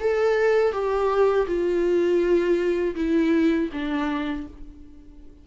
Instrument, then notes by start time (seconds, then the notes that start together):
viola
0.00 A4
0.72 G4
1.46 F4
2.95 E4
3.72 D4